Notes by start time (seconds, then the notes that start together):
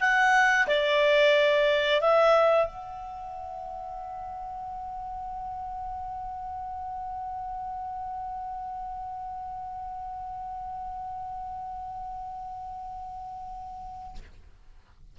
0.00 F#5
0.67 D5
2.01 E5
2.67 F#5